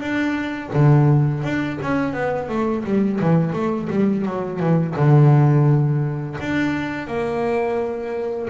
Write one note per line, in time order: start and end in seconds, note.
0.00 0.71 D4
0.73 1.43 D3
1.43 1.79 D4
1.82 2.13 C#4
2.13 2.49 B3
2.49 2.84 A3
2.84 3.20 G3
3.21 3.53 E3
3.53 3.88 A3
3.90 4.25 G3
4.25 4.59 F#3
4.59 4.95 E3
4.96 6.37 D3
6.40 7.07 D4
7.07 8.49 A#3